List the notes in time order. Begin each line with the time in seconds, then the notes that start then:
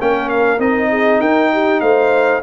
0.00 A#3 C#4 A#4 G5
0.29 F5
0.59 C4 D#4 D#5
0.90 G#4
1.20 D#4 A#4 G5
1.53 G4
1.80 A3 C5 F5